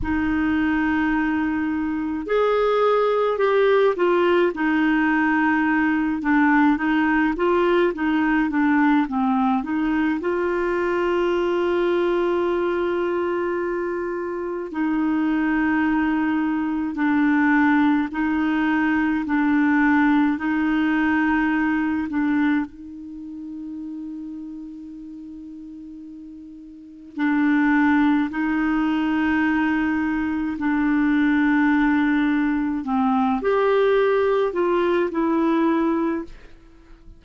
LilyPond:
\new Staff \with { instrumentName = "clarinet" } { \time 4/4 \tempo 4 = 53 dis'2 gis'4 g'8 f'8 | dis'4. d'8 dis'8 f'8 dis'8 d'8 | c'8 dis'8 f'2.~ | f'4 dis'2 d'4 |
dis'4 d'4 dis'4. d'8 | dis'1 | d'4 dis'2 d'4~ | d'4 c'8 g'4 f'8 e'4 | }